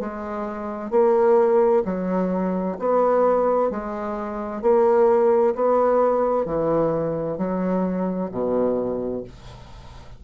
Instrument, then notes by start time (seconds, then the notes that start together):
bassoon
0.00 G#3
0.91 A#3
1.85 F#3
2.79 B3
3.71 G#3
4.62 A#3
5.55 B3
6.46 E3
7.38 F#3
8.32 B2